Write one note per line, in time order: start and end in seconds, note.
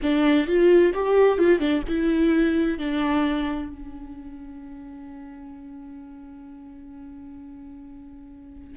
0.02 0.47 D4
0.47 0.93 F4
0.94 1.38 G4
1.38 1.59 F4
1.59 1.82 D4
1.87 2.78 E4
2.78 3.69 D4
3.69 8.77 C#4